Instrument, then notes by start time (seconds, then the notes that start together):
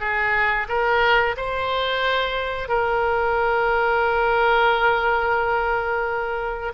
oboe
0.00 G#4
0.68 A#4
1.37 C5
2.68 A#4